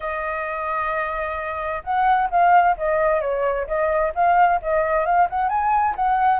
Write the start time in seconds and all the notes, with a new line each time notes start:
0.00 D#5
1.83 F#5
2.30 F5
2.77 D#5
3.21 C#5
3.67 D#5
4.14 F5
4.62 D#5
5.05 F5
5.29 F#5
5.49 G#5
5.95 F#5